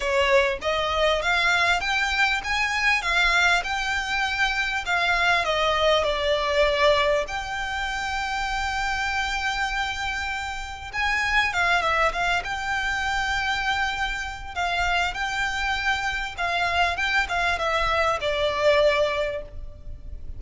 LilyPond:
\new Staff \with { instrumentName = "violin" } { \time 4/4 \tempo 4 = 99 cis''4 dis''4 f''4 g''4 | gis''4 f''4 g''2 | f''4 dis''4 d''2 | g''1~ |
g''2 gis''4 f''8 e''8 | f''8 g''2.~ g''8 | f''4 g''2 f''4 | g''8 f''8 e''4 d''2 | }